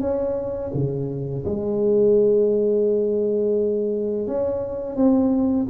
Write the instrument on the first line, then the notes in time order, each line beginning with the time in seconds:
tuba
0.00 C#4
0.74 C#3
1.45 G#3
4.27 C#4
4.96 C4